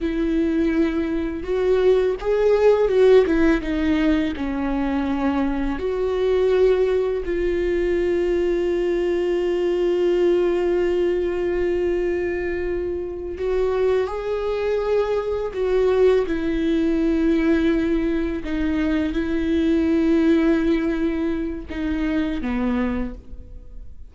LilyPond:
\new Staff \with { instrumentName = "viola" } { \time 4/4 \tempo 4 = 83 e'2 fis'4 gis'4 | fis'8 e'8 dis'4 cis'2 | fis'2 f'2~ | f'1~ |
f'2~ f'8 fis'4 gis'8~ | gis'4. fis'4 e'4.~ | e'4. dis'4 e'4.~ | e'2 dis'4 b4 | }